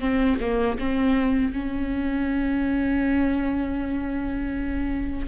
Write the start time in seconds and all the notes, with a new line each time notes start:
0.00 C4
0.41 A#3
0.79 C4
1.53 C#4